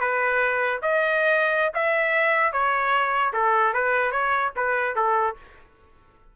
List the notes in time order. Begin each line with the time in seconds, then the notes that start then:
0.00 B4
0.82 D#5
1.74 E5
2.52 C#5
3.33 A4
3.73 B4
4.11 C#5
4.56 B4
4.96 A4